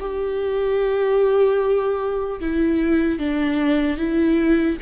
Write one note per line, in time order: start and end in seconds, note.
0.00 2.40 G4
2.40 3.19 E4
3.19 3.97 D4
3.97 4.77 E4